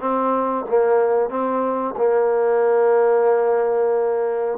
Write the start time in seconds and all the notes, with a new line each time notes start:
0.00 C4
0.69 A#3
1.30 C4
1.97 A#3